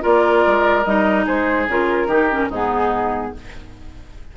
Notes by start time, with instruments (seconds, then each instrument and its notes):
0.00 bassoon A#3, clarinet F4, oboe A#4, flute D5
0.46 bassoon G#3
0.84 bassoon G3, clarinet D#4, flute D#5
1.25 bassoon G#3, oboe G#4, flute C5
1.67 bassoon C#3, clarinet F4, flute A#4
2.06 bassoon D#3, clarinet D#4, oboe G4
2.29 clarinet C#4
2.48 bassoon G#2, clarinet B3, oboe D#4, flute G#4